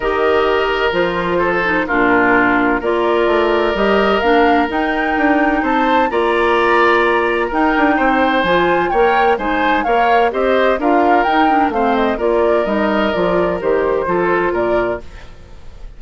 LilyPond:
<<
  \new Staff \with { instrumentName = "flute" } { \time 4/4 \tempo 4 = 128 dis''2 c''2 | ais'2 d''2 | dis''4 f''4 g''2 | a''4 ais''2. |
g''2 gis''4 g''4 | gis''4 f''4 dis''4 f''4 | g''4 f''8 dis''8 d''4 dis''4 | d''4 c''2 d''4 | }
  \new Staff \with { instrumentName = "oboe" } { \time 4/4 ais'2. a'4 | f'2 ais'2~ | ais'1 | c''4 d''2. |
ais'4 c''2 cis''4 | c''4 cis''4 c''4 ais'4~ | ais'4 c''4 ais'2~ | ais'2 a'4 ais'4 | }
  \new Staff \with { instrumentName = "clarinet" } { \time 4/4 g'2 f'4. dis'8 | d'2 f'2 | g'4 d'4 dis'2~ | dis'4 f'2. |
dis'2 f'4 ais'4 | dis'4 ais'4 g'4 f'4 | dis'8 d'8 c'4 f'4 dis'4 | f'4 g'4 f'2 | }
  \new Staff \with { instrumentName = "bassoon" } { \time 4/4 dis2 f2 | ais,2 ais4 a4 | g4 ais4 dis'4 d'4 | c'4 ais2. |
dis'8 d'8 c'4 f4 ais4 | gis4 ais4 c'4 d'4 | dis'4 a4 ais4 g4 | f4 dis4 f4 ais,4 | }
>>